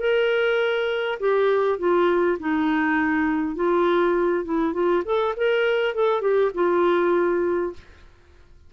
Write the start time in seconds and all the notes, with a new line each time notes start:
0.00 A#4
1.20 G4
1.79 F4
2.40 D#4
3.56 F4
4.45 E4
4.74 F4
5.05 A4
5.37 A#4
5.95 A4
6.22 G4
6.55 F4